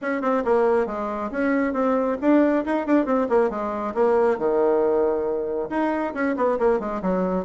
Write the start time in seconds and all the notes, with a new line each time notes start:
0.01 C#4
0.21 C4
0.44 A#3
0.86 G#3
1.31 C#4
1.73 C4
2.21 D4
2.65 D#4
2.86 D4
3.05 C4
3.29 A#3
3.50 G#3
3.94 A#3
4.38 D#3
5.69 D#4
6.14 C#4
6.36 B3
6.58 A#3
6.79 G#3
7.02 F#3